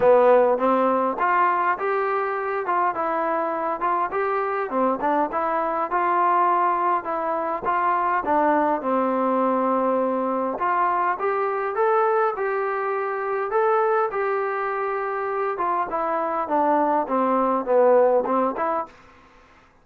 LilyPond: \new Staff \with { instrumentName = "trombone" } { \time 4/4 \tempo 4 = 102 b4 c'4 f'4 g'4~ | g'8 f'8 e'4. f'8 g'4 | c'8 d'8 e'4 f'2 | e'4 f'4 d'4 c'4~ |
c'2 f'4 g'4 | a'4 g'2 a'4 | g'2~ g'8 f'8 e'4 | d'4 c'4 b4 c'8 e'8 | }